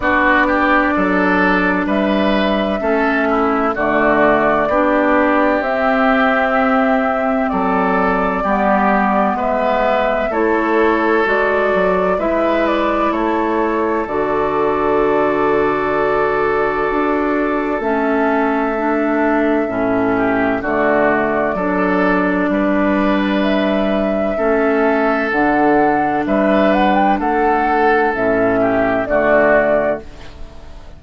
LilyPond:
<<
  \new Staff \with { instrumentName = "flute" } { \time 4/4 \tempo 4 = 64 d''2 e''2 | d''2 e''2 | d''2 e''4 cis''4 | d''4 e''8 d''8 cis''4 d''4~ |
d''2. e''4~ | e''2 d''2~ | d''4 e''2 fis''4 | e''8 fis''16 g''16 fis''4 e''4 d''4 | }
  \new Staff \with { instrumentName = "oboe" } { \time 4/4 fis'8 g'8 a'4 b'4 a'8 e'8 | fis'4 g'2. | a'4 g'4 b'4 a'4~ | a'4 b'4 a'2~ |
a'1~ | a'4. g'8 fis'4 a'4 | b'2 a'2 | b'4 a'4. g'8 fis'4 | }
  \new Staff \with { instrumentName = "clarinet" } { \time 4/4 d'2. cis'4 | a4 d'4 c'2~ | c'4 b2 e'4 | fis'4 e'2 fis'4~ |
fis'2. cis'4 | d'4 cis'4 a4 d'4~ | d'2 cis'4 d'4~ | d'2 cis'4 a4 | }
  \new Staff \with { instrumentName = "bassoon" } { \time 4/4 b4 fis4 g4 a4 | d4 b4 c'2 | fis4 g4 gis4 a4 | gis8 fis8 gis4 a4 d4~ |
d2 d'4 a4~ | a4 a,4 d4 fis4 | g2 a4 d4 | g4 a4 a,4 d4 | }
>>